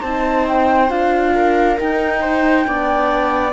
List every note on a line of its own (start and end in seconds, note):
0.00 0.90 C4
0.00 0.89 D#4
0.00 1.32 C5
0.00 0.46 A5
0.48 0.90 G5
0.89 1.78 D4
0.89 1.77 F4
0.89 1.78 F5
1.34 2.20 A#4
1.77 2.63 D#4
1.77 2.67 D#4
1.77 3.53 G5
2.20 2.65 C5
2.63 3.53 B3
2.63 3.51 D4
2.63 3.53 D5